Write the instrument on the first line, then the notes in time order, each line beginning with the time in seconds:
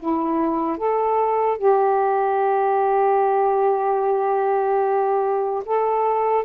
saxophone
0.00 E4
0.78 A4
1.58 G4
5.66 A4